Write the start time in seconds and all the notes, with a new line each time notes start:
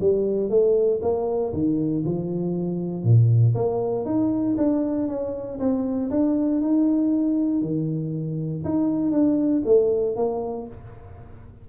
0.00 G3
0.49 A3
1.02 A#3
1.53 D#3
2.05 F3
3.03 A#2
3.55 A#3
4.05 D#4
4.57 D4
5.08 C#4
5.59 C4
6.10 D4
6.61 D#4
7.61 D#3
8.64 D#4
9.11 D4
9.65 A3
10.16 A#3